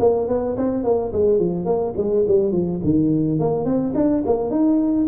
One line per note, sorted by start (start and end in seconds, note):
0.00 0.28 A#3
0.28 0.57 B3
0.57 0.84 C4
0.84 1.12 A#3
1.13 1.39 G#3
1.39 1.66 F3
1.66 1.94 A#3
1.98 2.26 G#3
2.28 2.52 G3
2.52 2.80 F3
2.84 3.40 D#3
3.40 3.65 A#3
3.65 3.94 C4
3.95 4.23 D4
4.26 4.51 A#3
4.51 5.07 D#4